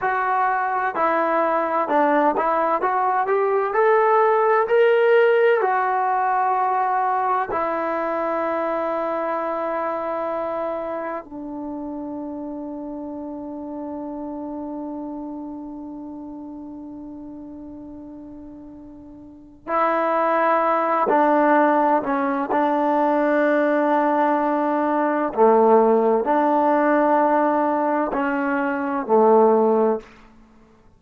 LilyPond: \new Staff \with { instrumentName = "trombone" } { \time 4/4 \tempo 4 = 64 fis'4 e'4 d'8 e'8 fis'8 g'8 | a'4 ais'4 fis'2 | e'1 | d'1~ |
d'1~ | d'4 e'4. d'4 cis'8 | d'2. a4 | d'2 cis'4 a4 | }